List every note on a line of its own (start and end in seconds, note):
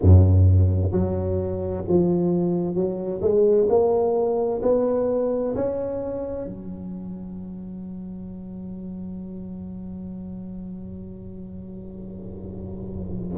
0.01 0.91 F#2
0.91 1.84 F#3
1.88 2.74 F3
2.74 3.21 F#3
3.21 3.67 G#3
3.69 4.61 A#3
4.62 5.54 B3
5.55 6.45 C#4
6.45 13.37 F#3